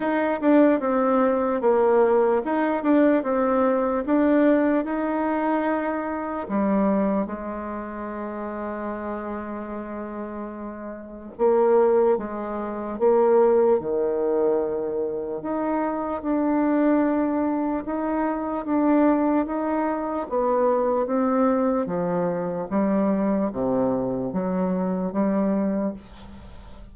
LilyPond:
\new Staff \with { instrumentName = "bassoon" } { \time 4/4 \tempo 4 = 74 dis'8 d'8 c'4 ais4 dis'8 d'8 | c'4 d'4 dis'2 | g4 gis2.~ | gis2 ais4 gis4 |
ais4 dis2 dis'4 | d'2 dis'4 d'4 | dis'4 b4 c'4 f4 | g4 c4 fis4 g4 | }